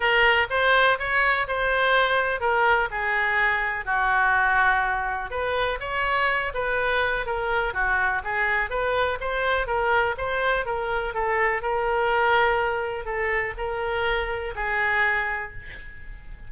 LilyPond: \new Staff \with { instrumentName = "oboe" } { \time 4/4 \tempo 4 = 124 ais'4 c''4 cis''4 c''4~ | c''4 ais'4 gis'2 | fis'2. b'4 | cis''4. b'4. ais'4 |
fis'4 gis'4 b'4 c''4 | ais'4 c''4 ais'4 a'4 | ais'2. a'4 | ais'2 gis'2 | }